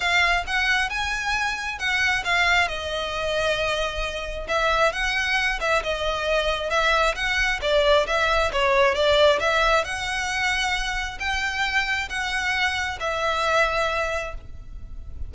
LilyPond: \new Staff \with { instrumentName = "violin" } { \time 4/4 \tempo 4 = 134 f''4 fis''4 gis''2 | fis''4 f''4 dis''2~ | dis''2 e''4 fis''4~ | fis''8 e''8 dis''2 e''4 |
fis''4 d''4 e''4 cis''4 | d''4 e''4 fis''2~ | fis''4 g''2 fis''4~ | fis''4 e''2. | }